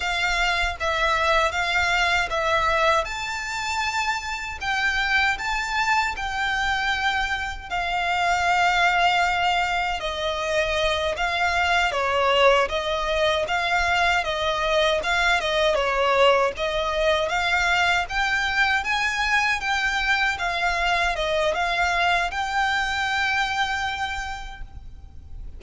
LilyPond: \new Staff \with { instrumentName = "violin" } { \time 4/4 \tempo 4 = 78 f''4 e''4 f''4 e''4 | a''2 g''4 a''4 | g''2 f''2~ | f''4 dis''4. f''4 cis''8~ |
cis''8 dis''4 f''4 dis''4 f''8 | dis''8 cis''4 dis''4 f''4 g''8~ | g''8 gis''4 g''4 f''4 dis''8 | f''4 g''2. | }